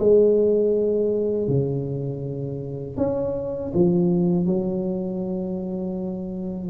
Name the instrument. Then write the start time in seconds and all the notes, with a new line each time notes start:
tuba
0.00 G#3
1.48 C#3
2.98 C#4
3.75 F3
4.47 F#3